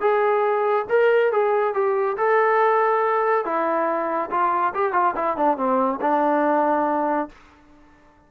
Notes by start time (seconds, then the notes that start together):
0.00 G#4
0.89 A#4
1.32 G#4
1.74 G4
2.17 A4
3.45 E4
4.30 F4
4.74 G4
4.92 F4
5.15 E4
5.37 D4
5.56 C4
6.01 D4